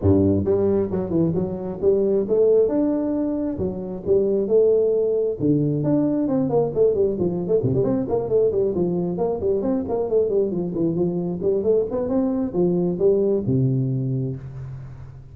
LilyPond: \new Staff \with { instrumentName = "tuba" } { \time 4/4 \tempo 4 = 134 g,4 g4 fis8 e8 fis4 | g4 a4 d'2 | fis4 g4 a2 | d4 d'4 c'8 ais8 a8 g8 |
f8. a16 c16 g16 c'8 ais8 a8 g8 f8~ | f8 ais8 g8 c'8 ais8 a8 g8 f8 | e8 f4 g8 a8 b8 c'4 | f4 g4 c2 | }